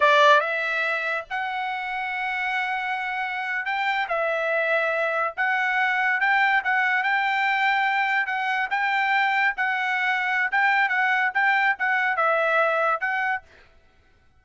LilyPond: \new Staff \with { instrumentName = "trumpet" } { \time 4/4 \tempo 4 = 143 d''4 e''2 fis''4~ | fis''1~ | fis''8. g''4 e''2~ e''16~ | e''8. fis''2 g''4 fis''16~ |
fis''8. g''2. fis''16~ | fis''8. g''2 fis''4~ fis''16~ | fis''4 g''4 fis''4 g''4 | fis''4 e''2 fis''4 | }